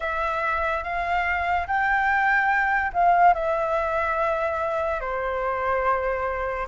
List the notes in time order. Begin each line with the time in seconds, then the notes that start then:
0.00 E5
0.83 F5
1.67 G5
2.93 F5
3.33 E5
5.00 C5